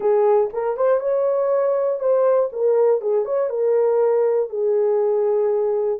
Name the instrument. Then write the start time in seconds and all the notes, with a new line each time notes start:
horn
0.00 G#4
0.53 A#4
0.76 C5
1.00 C#5
1.99 C5
2.52 A#4
3.01 G#4
3.25 C#5
3.49 A#4
4.49 G#4